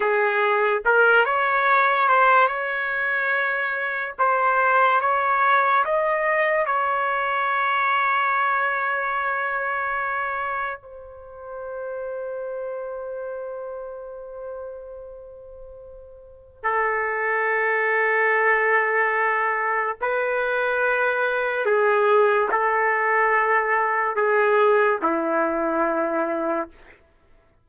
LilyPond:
\new Staff \with { instrumentName = "trumpet" } { \time 4/4 \tempo 4 = 72 gis'4 ais'8 cis''4 c''8 cis''4~ | cis''4 c''4 cis''4 dis''4 | cis''1~ | cis''4 c''2.~ |
c''1 | a'1 | b'2 gis'4 a'4~ | a'4 gis'4 e'2 | }